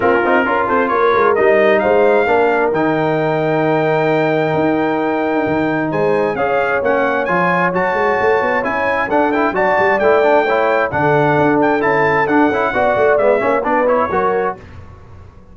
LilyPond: <<
  \new Staff \with { instrumentName = "trumpet" } { \time 4/4 \tempo 4 = 132 ais'4. c''8 cis''4 dis''4 | f''2 g''2~ | g''1~ | g''4 gis''4 f''4 fis''4 |
gis''4 a''2 gis''4 | fis''8 g''8 a''4 g''2 | fis''4. g''8 a''4 fis''4~ | fis''4 e''4 d''8 cis''4. | }
  \new Staff \with { instrumentName = "horn" } { \time 4/4 f'4 ais'8 a'8 ais'2 | c''4 ais'2.~ | ais'1~ | ais'4 c''4 cis''2~ |
cis''1 | a'4 d''2 cis''4 | a'1 | d''4. cis''8 b'4 ais'4 | }
  \new Staff \with { instrumentName = "trombone" } { \time 4/4 cis'8 dis'8 f'2 dis'4~ | dis'4 d'4 dis'2~ | dis'1~ | dis'2 gis'4 cis'4 |
f'4 fis'2 e'4 | d'8 e'8 fis'4 e'8 d'8 e'4 | d'2 e'4 d'8 e'8 | fis'4 b8 cis'8 d'8 e'8 fis'4 | }
  \new Staff \with { instrumentName = "tuba" } { \time 4/4 ais8 c'8 cis'8 c'8 ais8 gis8 g4 | gis4 ais4 dis2~ | dis2 dis'2 | dis4 gis4 cis'4 ais4 |
f4 fis8 gis8 a8 b8 cis'4 | d'4 fis8 g8 a2 | d4 d'4 cis'4 d'8 cis'8 | b8 a8 gis8 ais8 b4 fis4 | }
>>